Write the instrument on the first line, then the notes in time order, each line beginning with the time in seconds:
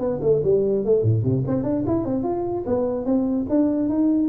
tuba
0.00 B3
0.22 A3
0.45 G3
0.85 A3
1.03 A2
1.24 C3
1.48 C4
1.64 D4
1.87 E4
2.06 C4
2.24 F4
2.67 B3
3.06 C4
3.50 D4
3.90 D#4